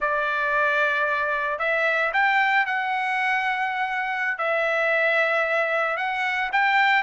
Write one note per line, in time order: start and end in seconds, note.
0.00 1.59 D5
1.59 2.12 E5
2.13 2.65 G5
2.65 4.38 F#5
4.38 5.97 E5
5.97 6.50 F#5
6.52 7.02 G5